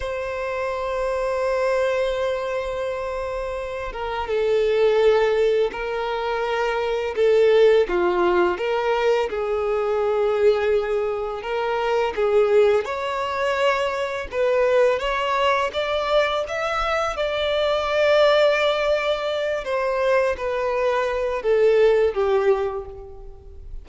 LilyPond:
\new Staff \with { instrumentName = "violin" } { \time 4/4 \tempo 4 = 84 c''1~ | c''4. ais'8 a'2 | ais'2 a'4 f'4 | ais'4 gis'2. |
ais'4 gis'4 cis''2 | b'4 cis''4 d''4 e''4 | d''2.~ d''8 c''8~ | c''8 b'4. a'4 g'4 | }